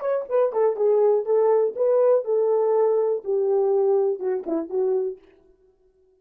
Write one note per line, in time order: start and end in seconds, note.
0.00 0.25 C#5
0.29 0.52 B4
0.52 0.76 A4
0.76 1.25 G#4
1.25 1.74 A4
1.75 2.24 B4
2.24 3.23 A4
3.24 4.19 G4
4.19 4.44 F#4
4.46 4.69 E4
4.69 5.18 F#4